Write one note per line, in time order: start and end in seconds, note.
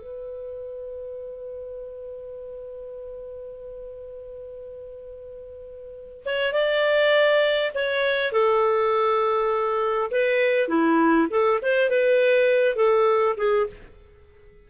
0.00 6.24 B4
6.26 6.53 C#5
6.53 7.72 D5
7.75 8.33 C#5
8.33 10.11 A4
10.12 10.69 B4
10.69 11.28 E4
11.31 11.60 A4
11.62 11.90 C5
11.90 12.76 B4
12.76 13.36 A4
13.37 13.67 G#4